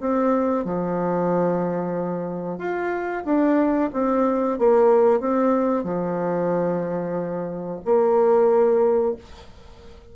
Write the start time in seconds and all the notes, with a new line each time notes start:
0.00 C4
0.64 F3
2.58 F4
3.25 D4
3.93 C4
4.59 A#3
5.20 C4
5.84 F3
7.85 A#3